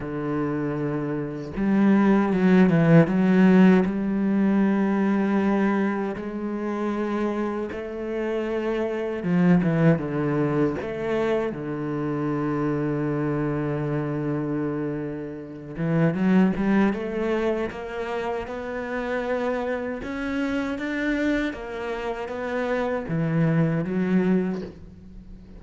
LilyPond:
\new Staff \with { instrumentName = "cello" } { \time 4/4 \tempo 4 = 78 d2 g4 fis8 e8 | fis4 g2. | gis2 a2 | f8 e8 d4 a4 d4~ |
d1~ | d8 e8 fis8 g8 a4 ais4 | b2 cis'4 d'4 | ais4 b4 e4 fis4 | }